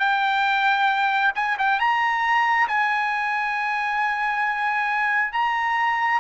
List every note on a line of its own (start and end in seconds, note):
0.00 1.32 G5
1.36 1.58 G#5
1.59 1.80 G5
1.80 2.68 A#5
2.68 5.33 G#5
5.33 6.20 A#5